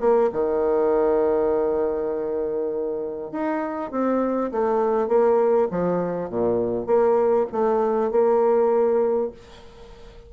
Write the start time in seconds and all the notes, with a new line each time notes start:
0.00 A#3
0.32 D#3
3.32 D#4
3.91 C4
4.51 A3
5.08 A#3
5.71 F3
6.29 A#2
6.86 A#3
7.52 A3
8.11 A#3